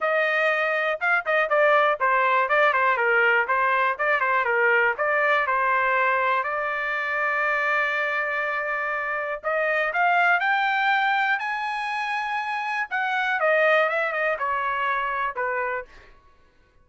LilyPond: \new Staff \with { instrumentName = "trumpet" } { \time 4/4 \tempo 4 = 121 dis''2 f''8 dis''8 d''4 | c''4 d''8 c''8 ais'4 c''4 | d''8 c''8 ais'4 d''4 c''4~ | c''4 d''2.~ |
d''2. dis''4 | f''4 g''2 gis''4~ | gis''2 fis''4 dis''4 | e''8 dis''8 cis''2 b'4 | }